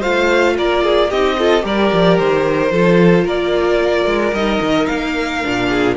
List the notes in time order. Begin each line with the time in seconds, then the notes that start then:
0.00 A3 F4 C5 F5
0.58 A#3 A#4 D5
0.84 G#4
1.10 C4 D#4 G4 D#5
1.39 F4 A4
1.61 G3 G4 A#4
1.67 D5
1.93 F3
2.18 D#3 C5
2.71 F3 F4 A4
3.25 A#3 A#4 D5
4.05 G#3
4.33 G3 D#4 D#5
4.61 D#3
4.87 A#3 F5
5.44 A#2 D4
5.69 G#4